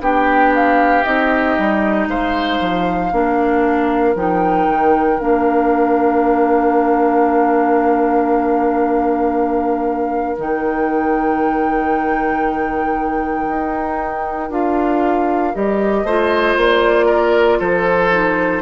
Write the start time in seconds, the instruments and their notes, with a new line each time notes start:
0.00 bassoon B3, clarinet D4, oboe G4, flute G5
0.55 flute F5
1.04 bassoon C4, clarinet D#4, flute D#5
1.58 bassoon G3
2.07 bassoon G#3, oboe C5, flute F5
2.60 bassoon F3
3.12 bassoon A#3, clarinet D4, oboe A#4
4.15 bassoon F3, clarinet D#4, flute G5
4.68 bassoon D#3
5.19 bassoon A#3, clarinet D4, flute F5
10.37 bassoon D#3, clarinet D#4, flute G5
13.48 bassoon D#4
14.50 bassoon D4, clarinet F4, flute F5
15.54 bassoon G3, clarinet G4, flute D#5
16.04 bassoon A3, clarinet F4, oboe C5
16.57 bassoon A#3, flute D5
17.06 oboe A#4
17.60 bassoon F3, oboe A4, flute C5
18.11 clarinet D#4